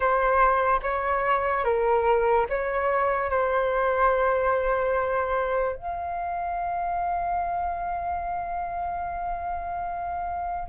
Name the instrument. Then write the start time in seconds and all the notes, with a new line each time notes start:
flute
0.00 C5
0.82 C#5
1.64 A#4
2.49 C#5
3.30 C5
5.75 F5